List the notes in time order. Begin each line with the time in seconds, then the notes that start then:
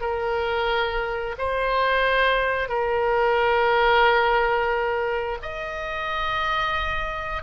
0.00 A#4
1.38 C5
2.68 A#4
5.42 D#5